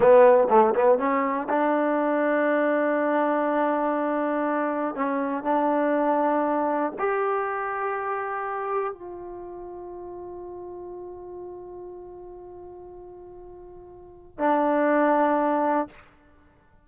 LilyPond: \new Staff \with { instrumentName = "trombone" } { \time 4/4 \tempo 4 = 121 b4 a8 b8 cis'4 d'4~ | d'1~ | d'2 cis'4 d'4~ | d'2 g'2~ |
g'2 f'2~ | f'1~ | f'1~ | f'4 d'2. | }